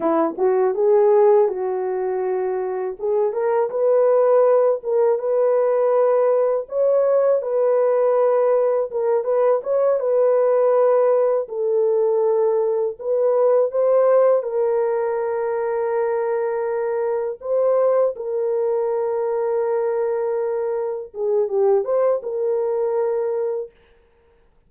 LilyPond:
\new Staff \with { instrumentName = "horn" } { \time 4/4 \tempo 4 = 81 e'8 fis'8 gis'4 fis'2 | gis'8 ais'8 b'4. ais'8 b'4~ | b'4 cis''4 b'2 | ais'8 b'8 cis''8 b'2 a'8~ |
a'4. b'4 c''4 ais'8~ | ais'2.~ ais'8 c''8~ | c''8 ais'2.~ ais'8~ | ais'8 gis'8 g'8 c''8 ais'2 | }